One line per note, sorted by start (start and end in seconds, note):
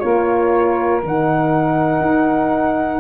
0.00 1.03 A#3
0.00 1.01 F4
0.00 3.00 A#4
0.00 1.00 C#5
1.03 2.01 D#3
1.03 3.00 D#4
1.03 3.00 F#5
2.01 3.00 D#4